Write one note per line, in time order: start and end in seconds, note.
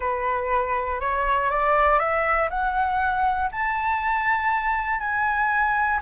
0.00 1.00 B4
1.00 1.50 C#5
1.50 1.99 D5
1.99 2.49 E5
2.50 3.50 F#5
3.51 4.99 A5
4.99 5.99 G#5